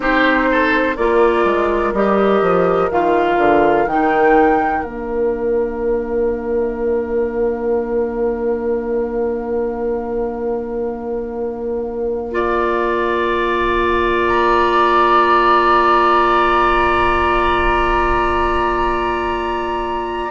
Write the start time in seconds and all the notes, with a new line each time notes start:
0.00 C4 D#4 G4 C5
0.51 A4
0.95 A#3 F4 A#4 D5
1.44 G#3
1.93 G3 G4 D#5
2.41 F3
2.90 D#3 F4 F5
3.37 D3
3.86 D#3 D#4 G5
4.83 A#3 D4 F5
12.31 F4 D5
14.27 A#5